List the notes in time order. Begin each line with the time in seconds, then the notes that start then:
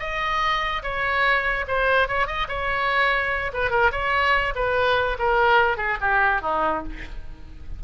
0.00 D#5
0.83 C#5
1.68 C5
2.08 C#5
2.27 D#5
2.48 C#5
3.54 B4
3.71 A#4
3.92 C#5
4.55 B4
5.19 A#4
5.77 G#4
6.01 G4
6.42 D#4